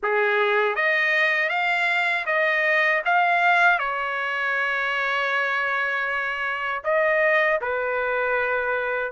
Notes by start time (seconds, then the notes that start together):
0.02 G#4
0.75 D#5
1.49 F5
2.26 D#5
3.05 F5
3.78 C#5
6.84 D#5
7.61 B4